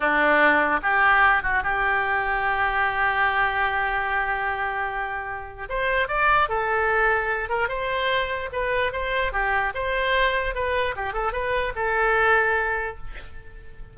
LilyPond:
\new Staff \with { instrumentName = "oboe" } { \time 4/4 \tempo 4 = 148 d'2 g'4. fis'8 | g'1~ | g'1~ | g'2 c''4 d''4 |
a'2~ a'8 ais'8 c''4~ | c''4 b'4 c''4 g'4 | c''2 b'4 g'8 a'8 | b'4 a'2. | }